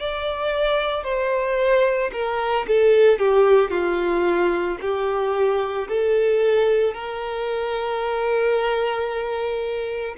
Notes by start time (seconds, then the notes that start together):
0.00 D5
1.04 C5
2.13 A#4
2.68 A4
3.19 G4
3.71 F4
4.82 G4
5.89 A4
6.94 A#4